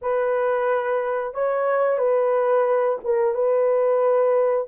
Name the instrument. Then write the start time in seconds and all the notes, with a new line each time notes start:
horn
0.01 B4
1.34 C#5
1.98 B4
3.04 A#4
3.34 B4